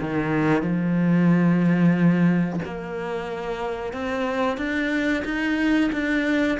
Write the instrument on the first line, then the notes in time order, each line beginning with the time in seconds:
cello
0.00 D#3
0.62 F3
2.65 A#3
3.93 C4
4.57 D4
5.24 D#4
5.92 D4